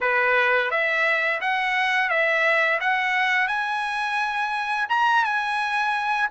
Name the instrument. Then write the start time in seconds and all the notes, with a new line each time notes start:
trumpet
0.00 B4
0.70 E5
1.40 F#5
2.09 E5
2.80 F#5
3.47 G#5
4.89 A#5
5.24 G#5